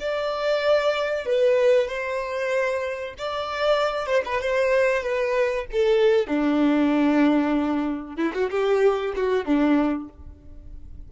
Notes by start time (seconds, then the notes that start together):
0.00 D5
1.26 B4
1.88 C5
3.18 D5
4.07 C5
4.25 B4
4.41 C5
5.02 B4
5.72 A4
6.27 D4
8.16 E4
8.34 F#4
8.50 G4
9.16 F#4
9.45 D4